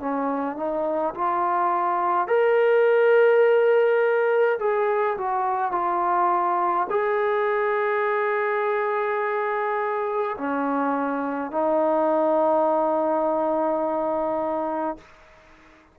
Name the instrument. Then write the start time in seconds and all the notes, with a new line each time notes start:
trombone
0.00 C#4
0.57 D#4
1.14 F4
2.28 A#4
4.59 G#4
5.18 F#4
5.72 F4
6.90 G#4
10.37 C#4
11.52 D#4